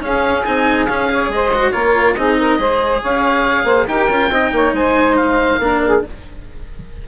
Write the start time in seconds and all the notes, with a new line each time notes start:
0.00 C#4 G#4 F5
0.45 C4 D#4 G#5
0.86 C#4 F5
1.09 G#4 C#5
1.29 G#3 C5 D#5
1.54 F#4
1.71 A#3 F4 A#4 C#5
2.15 C4 D#4 G#4 D#5
2.39 A#4
2.59 G#3 G#4 C5
3.01 C#4 C#5 F5
3.64 A#3 C5
3.87 D#4 G4 A#4 G5
4.09 C#4 F4
4.30 C4 D#4 D#5
4.52 A#3 C#5
4.73 G#3 C5 G#5
5.17 F5
5.59 A#3 D4 A#4
5.86 G#4